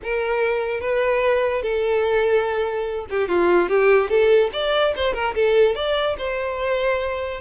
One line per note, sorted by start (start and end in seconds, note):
0.03 0.80 A#4
0.80 1.62 B4
1.62 3.06 A4
3.10 3.28 G4
3.28 3.69 F4
3.69 4.09 G4
4.09 4.50 A4
4.53 4.94 D5
4.96 5.13 C5
5.13 5.34 A#4
5.34 5.75 A4
5.75 6.16 D5
6.18 7.41 C5